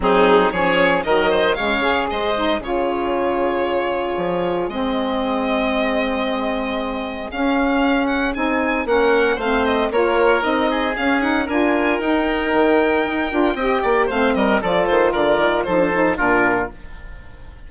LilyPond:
<<
  \new Staff \with { instrumentName = "violin" } { \time 4/4 \tempo 4 = 115 gis'4 cis''4 dis''4 f''4 | dis''4 cis''2.~ | cis''4 dis''2.~ | dis''2 f''4. fis''8 |
gis''4 fis''4 f''8 dis''8 cis''4 | dis''4 f''8 fis''8 gis''4 g''4~ | g''2. f''8 dis''8 | d''8 c''8 d''4 c''4 ais'4 | }
  \new Staff \with { instrumentName = "oboe" } { \time 4/4 dis'4 gis'4 ais'8 c''8 cis''4 | c''4 gis'2.~ | gis'1~ | gis'1~ |
gis'4 ais'4 c''4 ais'4~ | ais'8 gis'4. ais'2~ | ais'2 dis''8 d''8 c''8 ais'8 | a'4 ais'4 a'4 f'4 | }
  \new Staff \with { instrumentName = "saxophone" } { \time 4/4 c'4 cis'4 fis4 gis8 gis'8~ | gis'8 dis'8 f'2.~ | f'4 c'2.~ | c'2 cis'2 |
dis'4 cis'4 c'4 f'4 | dis'4 cis'8 dis'8 f'4 dis'4~ | dis'4. f'8 g'4 c'4 | f'2 dis'16 d'16 dis'8 d'4 | }
  \new Staff \with { instrumentName = "bassoon" } { \time 4/4 fis4 f4 dis4 cis4 | gis4 cis2. | f4 gis2.~ | gis2 cis'2 |
c'4 ais4 a4 ais4 | c'4 cis'4 d'4 dis'4 | dis4 dis'8 d'8 c'8 ais8 a8 g8 | f8 dis8 d8 dis8 f4 ais,4 | }
>>